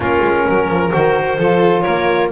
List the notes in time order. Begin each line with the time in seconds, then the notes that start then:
0.00 A#3 C#4 F4 A#4
0.21 G#3
0.48 F#3 A#4
0.68 F3
0.91 D#3 F#4 C5
1.37 F3 F4 A4
1.81 A#3 A#4 C#5